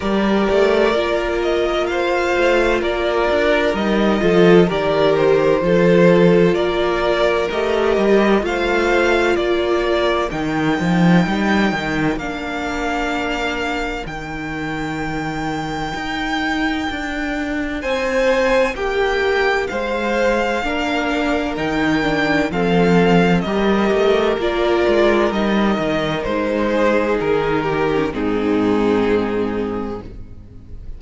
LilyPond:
<<
  \new Staff \with { instrumentName = "violin" } { \time 4/4 \tempo 4 = 64 d''4. dis''8 f''4 d''4 | dis''4 d''8 c''4. d''4 | dis''4 f''4 d''4 g''4~ | g''4 f''2 g''4~ |
g''2. gis''4 | g''4 f''2 g''4 | f''4 dis''4 d''4 dis''4 | c''4 ais'4 gis'2 | }
  \new Staff \with { instrumentName = "violin" } { \time 4/4 ais'2 c''4 ais'4~ | ais'8 a'8 ais'4 a'4 ais'4~ | ais'4 c''4 ais'2~ | ais'1~ |
ais'2. c''4 | g'4 c''4 ais'2 | a'4 ais'2.~ | ais'8 gis'4 g'8 dis'2 | }
  \new Staff \with { instrumentName = "viola" } { \time 4/4 g'4 f'2. | dis'8 f'8 g'4 f'2 | g'4 f'2 dis'4~ | dis'4 d'2 dis'4~ |
dis'1~ | dis'2 d'4 dis'8 d'8 | c'4 g'4 f'4 dis'4~ | dis'4.~ dis'16 cis'16 c'2 | }
  \new Staff \with { instrumentName = "cello" } { \time 4/4 g8 a8 ais4. a8 ais8 d'8 | g8 f8 dis4 f4 ais4 | a8 g8 a4 ais4 dis8 f8 | g8 dis8 ais2 dis4~ |
dis4 dis'4 d'4 c'4 | ais4 gis4 ais4 dis4 | f4 g8 a8 ais8 gis8 g8 dis8 | gis4 dis4 gis,2 | }
>>